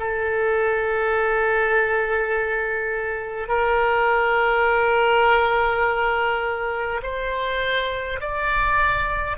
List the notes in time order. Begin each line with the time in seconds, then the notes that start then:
0.00 A4
3.49 A#4
7.03 C5
8.21 D5